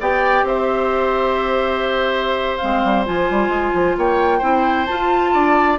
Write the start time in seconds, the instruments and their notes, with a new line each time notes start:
0.00 bassoon B3, clarinet G4, oboe D5, flute G5
0.43 bassoon C4, oboe C5, flute E5
2.58 bassoon G#3, clarinet C4, flute F5
2.84 bassoon G3
3.06 bassoon F3, clarinet F4, flute G#5
3.31 bassoon G3
3.49 bassoon G#3
3.74 bassoon F3
3.97 bassoon A#3, oboe C#5, flute G5
4.39 bassoon C4, clarinet E4, oboe C5
4.86 clarinet F4, bassoon F4, flute A5
5.34 bassoon D4, oboe D5